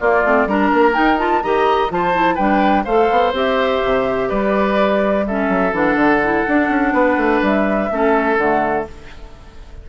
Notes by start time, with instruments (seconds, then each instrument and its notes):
0.00 clarinet A#3, bassoon A#3, oboe F4, flute D5
0.24 bassoon A3, clarinet C4
0.47 bassoon G3, clarinet D4, oboe A#4, flute A#5
0.74 bassoon A#3
0.93 clarinet D#4, bassoon D#4, flute G5
1.18 clarinet F4, flute A5
1.43 bassoon D#3, clarinet G4, oboe D#5, flute A#5
1.90 bassoon F3, clarinet F4, oboe C5, flute A5
2.14 clarinet E4
2.35 bassoon G3, clarinet D4, oboe B4, flute G5
2.85 bassoon A3, clarinet A4, oboe C5, flute F5
3.11 bassoon B3
3.33 bassoon C4, clarinet G4, flute E5
3.85 bassoon C3
4.29 bassoon G3, oboe B4, flute D5
5.27 clarinet C#4, oboe A4, flute E5
5.49 bassoon F#3
5.73 bassoon E3, clarinet D4, flute F#5
5.95 bassoon D3
6.24 clarinet E4
6.47 clarinet D4, bassoon D4
6.70 bassoon C#4
6.93 bassoon B3, oboe B4
7.17 bassoon A3
7.42 bassoon G3, flute E5
7.91 bassoon A3, clarinet C#4, oboe A4
8.37 bassoon D3, clarinet A3, flute F#5